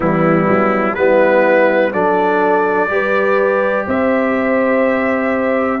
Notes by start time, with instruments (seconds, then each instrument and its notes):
0.00 tuba E3, trombone G3, horn B3, trumpet E4
0.49 tuba F#3
0.95 tuba G3, trombone B3, horn E4, trumpet B4
1.92 tuba F#3, trombone D4, horn A4, trumpet D5
2.89 tuba G3, trombone G4, horn B4
3.86 tuba C4, horn C5, trumpet E5